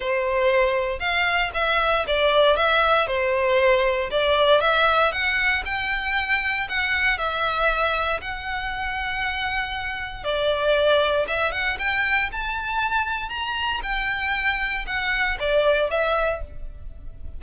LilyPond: \new Staff \with { instrumentName = "violin" } { \time 4/4 \tempo 4 = 117 c''2 f''4 e''4 | d''4 e''4 c''2 | d''4 e''4 fis''4 g''4~ | g''4 fis''4 e''2 |
fis''1 | d''2 e''8 fis''8 g''4 | a''2 ais''4 g''4~ | g''4 fis''4 d''4 e''4 | }